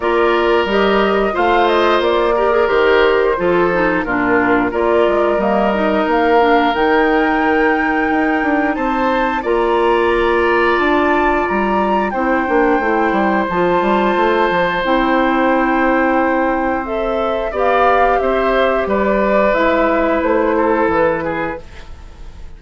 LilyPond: <<
  \new Staff \with { instrumentName = "flute" } { \time 4/4 \tempo 4 = 89 d''4 dis''4 f''8 dis''8 d''4 | c''2 ais'4 d''4 | dis''4 f''4 g''2~ | g''4 a''4 ais''2 |
a''4 ais''4 g''2 | a''2 g''2~ | g''4 e''4 f''4 e''4 | d''4 e''4 c''4 b'4 | }
  \new Staff \with { instrumentName = "oboe" } { \time 4/4 ais'2 c''4. ais'8~ | ais'4 a'4 f'4 ais'4~ | ais'1~ | ais'4 c''4 d''2~ |
d''2 c''2~ | c''1~ | c''2 d''4 c''4 | b'2~ b'8 a'4 gis'8 | }
  \new Staff \with { instrumentName = "clarinet" } { \time 4/4 f'4 g'4 f'4. g'16 gis'16 | g'4 f'8 dis'8 d'4 f'4 | ais8 dis'4 d'8 dis'2~ | dis'2 f'2~ |
f'2 e'8 d'8 e'4 | f'2 e'2~ | e'4 a'4 g'2~ | g'4 e'2. | }
  \new Staff \with { instrumentName = "bassoon" } { \time 4/4 ais4 g4 a4 ais4 | dis4 f4 ais,4 ais8 gis8 | g4 ais4 dis2 | dis'8 d'8 c'4 ais2 |
d'4 g4 c'8 ais8 a8 g8 | f8 g8 a8 f8 c'2~ | c'2 b4 c'4 | g4 gis4 a4 e4 | }
>>